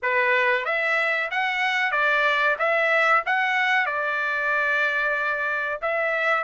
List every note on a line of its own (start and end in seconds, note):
0.02 0.65 B4
0.65 1.29 E5
1.30 1.91 F#5
1.91 2.56 D5
2.58 3.23 E5
3.26 3.85 F#5
3.85 5.79 D5
5.81 6.43 E5